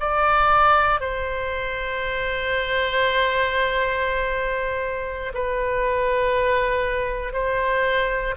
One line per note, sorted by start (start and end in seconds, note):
0.00 1.00 D5
1.00 5.32 C5
5.34 7.33 B4
7.33 8.34 C5